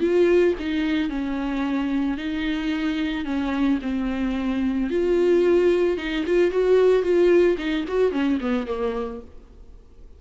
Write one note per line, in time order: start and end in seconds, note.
0.00 0.54 F4
0.59 1.09 D#4
1.09 2.17 C#4
2.17 3.25 D#4
3.25 3.79 C#4
3.82 4.90 C4
4.90 5.97 F4
5.97 6.24 D#4
6.26 6.51 F4
6.51 7.02 F#4
7.02 7.56 F4
7.57 7.85 D#4
7.87 8.11 F#4
8.11 8.38 C#4
8.41 8.67 B3
8.67 9.21 A#3